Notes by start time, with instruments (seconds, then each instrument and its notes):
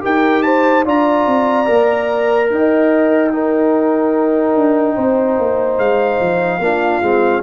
0.00 tuba D#4, trombone G4, horn A#4, trumpet G5
0.42 horn C5, trumpet A5
0.84 tuba D4, trombone F4, horn D5, trumpet A#5
1.26 tuba C4
1.66 tuba A#3, trombone A#4
2.50 tuba D#4, horn D#5, trumpet G5
3.32 trombone D#4, horn A#4
4.55 tuba D4
4.95 tuba C4, horn C5
5.38 tuba A#3
5.78 tuba G#3, trumpet F5
6.20 tuba F3
6.59 tuba A#3, trombone D4, horn F4
7.01 tuba G#3, trombone C4